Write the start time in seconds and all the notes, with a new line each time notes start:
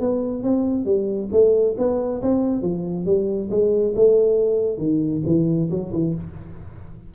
0.00 B3
0.43 C4
0.85 G3
1.32 A3
1.78 B3
2.22 C4
2.62 F3
3.05 G3
3.50 G#3
3.96 A3
4.78 D#3
5.26 E3
5.71 F#3
5.93 E3